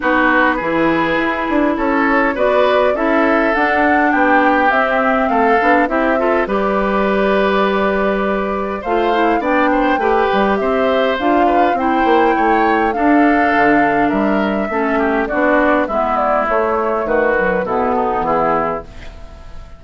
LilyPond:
<<
  \new Staff \with { instrumentName = "flute" } { \time 4/4 \tempo 4 = 102 b'2. cis''4 | d''4 e''4 fis''4 g''4 | e''4 f''4 e''4 d''4~ | d''2. f''4 |
g''2 e''4 f''4 | g''2 f''2 | e''2 d''4 e''8 d''8 | cis''4 b'4 a'4 gis'4 | }
  \new Staff \with { instrumentName = "oboe" } { \time 4/4 fis'4 gis'2 a'4 | b'4 a'2 g'4~ | g'4 a'4 g'8 a'8 b'4~ | b'2. c''4 |
d''8 c''8 b'4 c''4. b'8 | c''4 cis''4 a'2 | ais'4 a'8 g'8 fis'4 e'4~ | e'4 fis'4 e'8 dis'8 e'4 | }
  \new Staff \with { instrumentName = "clarinet" } { \time 4/4 dis'4 e'2. | fis'4 e'4 d'2 | c'4. d'8 e'8 f'8 g'4~ | g'2. f'8 e'8 |
d'4 g'2 f'4 | e'2 d'2~ | d'4 cis'4 d'4 b4 | a4. fis8 b2 | }
  \new Staff \with { instrumentName = "bassoon" } { \time 4/4 b4 e4 e'8 d'8 cis'4 | b4 cis'4 d'4 b4 | c'4 a8 b8 c'4 g4~ | g2. a4 |
b4 a8 g8 c'4 d'4 | c'8 ais8 a4 d'4 d4 | g4 a4 b4 gis4 | a4 dis4 b,4 e4 | }
>>